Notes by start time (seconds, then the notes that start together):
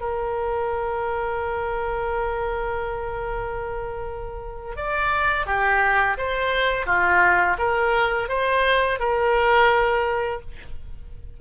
0.00 A#4
4.76 D5
5.46 G4
6.17 C5
6.86 F4
7.58 A#4
8.29 C5
8.99 A#4